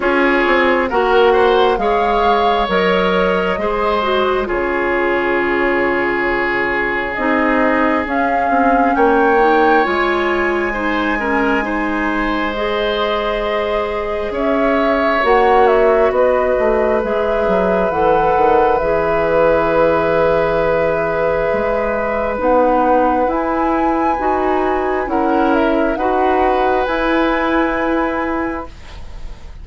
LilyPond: <<
  \new Staff \with { instrumentName = "flute" } { \time 4/4 \tempo 4 = 67 cis''4 fis''4 f''4 dis''4~ | dis''4 cis''2. | dis''4 f''4 g''4 gis''4~ | gis''2 dis''2 |
e''4 fis''8 e''8 dis''4 e''4 | fis''4 e''2.~ | e''4 fis''4 gis''2 | fis''8 e''8 fis''4 gis''2 | }
  \new Staff \with { instrumentName = "oboe" } { \time 4/4 gis'4 ais'8 c''8 cis''2 | c''4 gis'2.~ | gis'2 cis''2 | c''8 ais'8 c''2. |
cis''2 b'2~ | b'1~ | b'1 | ais'4 b'2. | }
  \new Staff \with { instrumentName = "clarinet" } { \time 4/4 f'4 fis'4 gis'4 ais'4 | gis'8 fis'8 f'2. | dis'4 cis'4. dis'8 f'4 | dis'8 cis'8 dis'4 gis'2~ |
gis'4 fis'2 gis'4 | a'4 gis'2.~ | gis'4 dis'4 e'4 fis'4 | e'4 fis'4 e'2 | }
  \new Staff \with { instrumentName = "bassoon" } { \time 4/4 cis'8 c'8 ais4 gis4 fis4 | gis4 cis2. | c'4 cis'8 c'8 ais4 gis4~ | gis1 |
cis'4 ais4 b8 a8 gis8 fis8 | e8 dis8 e2. | gis4 b4 e'4 dis'4 | cis'4 dis'4 e'2 | }
>>